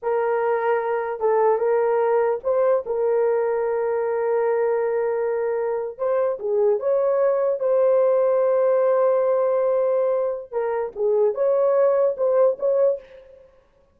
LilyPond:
\new Staff \with { instrumentName = "horn" } { \time 4/4 \tempo 4 = 148 ais'2. a'4 | ais'2 c''4 ais'4~ | ais'1~ | ais'2~ ais'8. c''4 gis'16~ |
gis'8. cis''2 c''4~ c''16~ | c''1~ | c''2 ais'4 gis'4 | cis''2 c''4 cis''4 | }